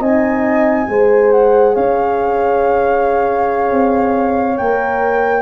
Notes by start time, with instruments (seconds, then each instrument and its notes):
0.00 tuba C4, horn D#4 D#5, flute G#5
0.88 tuba G#3, horn G#4 C5
1.32 flute F#5
1.74 tuba C#4, horn C#5, flute F5
3.71 tuba C4
4.57 tuba A#3, horn A#4, flute G5